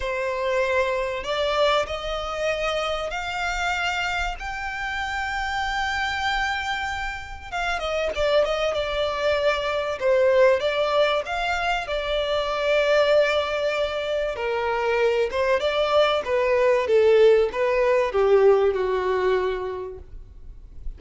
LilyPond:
\new Staff \with { instrumentName = "violin" } { \time 4/4 \tempo 4 = 96 c''2 d''4 dis''4~ | dis''4 f''2 g''4~ | g''1 | f''8 dis''8 d''8 dis''8 d''2 |
c''4 d''4 f''4 d''4~ | d''2. ais'4~ | ais'8 c''8 d''4 b'4 a'4 | b'4 g'4 fis'2 | }